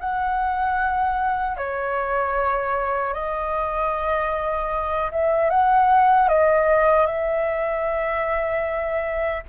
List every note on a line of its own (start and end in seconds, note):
0.00 1.58 F#5
1.58 3.14 C#5
3.14 5.11 D#5
5.12 5.50 E5
5.50 6.29 F#5
6.29 7.07 D#5
7.07 9.44 E5